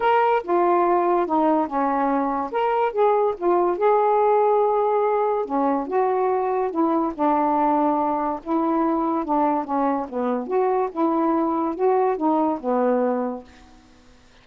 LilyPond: \new Staff \with { instrumentName = "saxophone" } { \time 4/4 \tempo 4 = 143 ais'4 f'2 dis'4 | cis'2 ais'4 gis'4 | f'4 gis'2.~ | gis'4 cis'4 fis'2 |
e'4 d'2. | e'2 d'4 cis'4 | b4 fis'4 e'2 | fis'4 dis'4 b2 | }